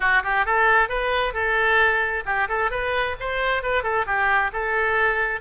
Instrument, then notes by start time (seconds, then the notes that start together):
oboe
0.00 F#4
0.23 G4
0.45 A4
0.88 B4
1.33 A4
2.25 G4
2.48 A4
2.70 B4
3.19 C5
3.63 B4
3.83 A4
4.06 G4
4.52 A4